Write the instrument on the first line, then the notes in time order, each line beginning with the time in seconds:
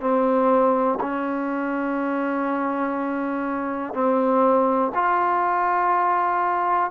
trombone
0.00 C4
1.00 C#4
3.93 C4
4.94 F4